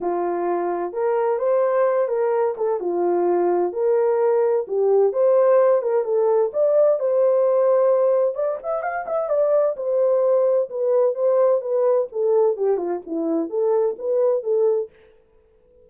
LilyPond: \new Staff \with { instrumentName = "horn" } { \time 4/4 \tempo 4 = 129 f'2 ais'4 c''4~ | c''8 ais'4 a'8 f'2 | ais'2 g'4 c''4~ | c''8 ais'8 a'4 d''4 c''4~ |
c''2 d''8 e''8 f''8 e''8 | d''4 c''2 b'4 | c''4 b'4 a'4 g'8 f'8 | e'4 a'4 b'4 a'4 | }